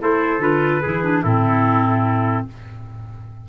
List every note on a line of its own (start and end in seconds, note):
0.00 0.39 A3
0.00 0.40 E4
0.00 0.82 A4
0.00 0.42 C5
0.39 0.80 D3
0.39 0.82 F4
0.39 1.24 B4
0.82 1.24 E3
0.82 1.03 E4
0.82 1.23 G#4
1.03 1.24 D4
1.23 2.48 A2
1.23 2.49 C4
1.23 2.46 E4
1.23 2.47 A4